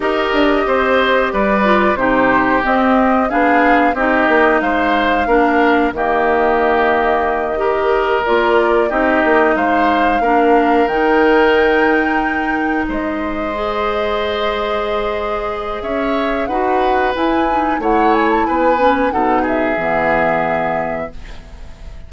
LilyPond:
<<
  \new Staff \with { instrumentName = "flute" } { \time 4/4 \tempo 4 = 91 dis''2 d''4 c''4 | dis''4 f''4 dis''4 f''4~ | f''4 dis''2.~ | dis''8 d''4 dis''4 f''4.~ |
f''8 g''2. dis''8~ | dis''1 | e''4 fis''4 gis''4 fis''8 gis''16 a''16 | gis''4 fis''8 e''2~ e''8 | }
  \new Staff \with { instrumentName = "oboe" } { \time 4/4 ais'4 c''4 b'4 g'4~ | g'4 gis'4 g'4 c''4 | ais'4 g'2~ g'8 ais'8~ | ais'4. g'4 c''4 ais'8~ |
ais'2.~ ais'8 c''8~ | c''1 | cis''4 b'2 cis''4 | b'4 a'8 gis'2~ gis'8 | }
  \new Staff \with { instrumentName = "clarinet" } { \time 4/4 g'2~ g'8 f'8 dis'4 | c'4 d'4 dis'2 | d'4 ais2~ ais8 g'8~ | g'8 f'4 dis'2 d'8~ |
d'8 dis'2.~ dis'8~ | dis'8 gis'2.~ gis'8~ | gis'4 fis'4 e'8 dis'8 e'4~ | e'8 cis'8 dis'4 b2 | }
  \new Staff \with { instrumentName = "bassoon" } { \time 4/4 dis'8 d'8 c'4 g4 c4 | c'4 b4 c'8 ais8 gis4 | ais4 dis2.~ | dis8 ais4 c'8 ais8 gis4 ais8~ |
ais8 dis2. gis8~ | gis1 | cis'4 dis'4 e'4 a4 | b4 b,4 e2 | }
>>